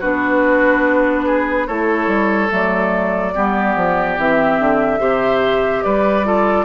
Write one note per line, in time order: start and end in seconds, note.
0.00 1.68 B3
0.00 1.68 D4
0.00 1.25 F#4
0.00 1.67 B4
1.26 1.67 G#4
1.67 2.07 A3
1.67 2.49 E4
1.67 3.34 A4
1.67 2.51 C#5
2.07 2.48 G3
2.49 3.35 F#3
2.49 3.32 A3
2.49 4.19 D5
3.34 3.75 G3
3.34 4.17 B3
3.34 5.00 G4
3.75 4.17 F3
4.17 4.59 E3
4.17 4.99 C4
4.17 5.83 E5
4.59 4.99 D3
4.99 5.83 C3
4.99 6.24 G4
4.99 5.83 C5
5.83 6.65 G3
5.83 6.26 B4
5.83 6.65 D5
6.24 6.65 F4
6.24 6.65 A4